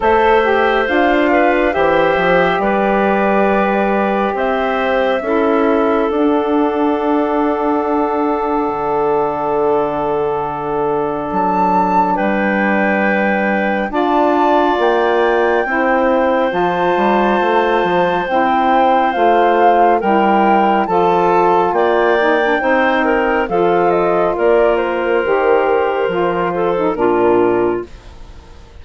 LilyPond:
<<
  \new Staff \with { instrumentName = "flute" } { \time 4/4 \tempo 4 = 69 e''4 f''4 e''4 d''4~ | d''4 e''2 fis''4~ | fis''1~ | fis''4 a''4 g''2 |
a''4 g''2 a''4~ | a''4 g''4 f''4 g''4 | a''4 g''2 f''8 dis''8 | d''8 c''2~ c''8 ais'4 | }
  \new Staff \with { instrumentName = "clarinet" } { \time 4/4 c''4. b'8 c''4 b'4~ | b'4 c''4 a'2~ | a'1~ | a'2 b'2 |
d''2 c''2~ | c''2. ais'4 | a'4 d''4 c''8 ais'8 a'4 | ais'2~ ais'8 a'8 f'4 | }
  \new Staff \with { instrumentName = "saxophone" } { \time 4/4 a'8 g'8 f'4 g'2~ | g'2 e'4 d'4~ | d'1~ | d'1 |
f'2 e'4 f'4~ | f'4 e'4 f'4 e'4 | f'4. dis'16 d'16 dis'4 f'4~ | f'4 g'4 f'8. dis'16 d'4 | }
  \new Staff \with { instrumentName = "bassoon" } { \time 4/4 a4 d'4 e8 f8 g4~ | g4 c'4 cis'4 d'4~ | d'2 d2~ | d4 fis4 g2 |
d'4 ais4 c'4 f8 g8 | a8 f8 c'4 a4 g4 | f4 ais4 c'4 f4 | ais4 dis4 f4 ais,4 | }
>>